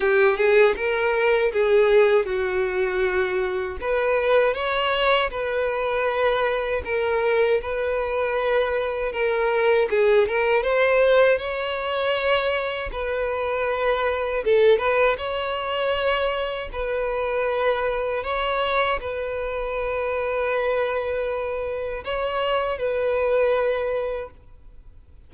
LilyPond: \new Staff \with { instrumentName = "violin" } { \time 4/4 \tempo 4 = 79 g'8 gis'8 ais'4 gis'4 fis'4~ | fis'4 b'4 cis''4 b'4~ | b'4 ais'4 b'2 | ais'4 gis'8 ais'8 c''4 cis''4~ |
cis''4 b'2 a'8 b'8 | cis''2 b'2 | cis''4 b'2.~ | b'4 cis''4 b'2 | }